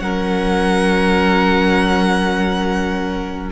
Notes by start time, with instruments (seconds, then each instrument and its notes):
0.00 cello F#3, viola C#4, violin A#4 F#5